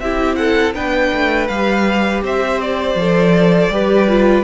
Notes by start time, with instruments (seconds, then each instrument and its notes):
0.00 cello C4, viola E4, violin G4 E5
0.36 violin A4 F#5
0.74 cello B3, viola D4, violin B4 G5
1.12 cello A3
1.48 cello G3, viola G4, violin F5
2.23 cello C4, violin C5 E5
2.61 violin D5
2.95 cello F3, viola A4
3.70 cello G3, viola G4, violin B4
4.08 viola F4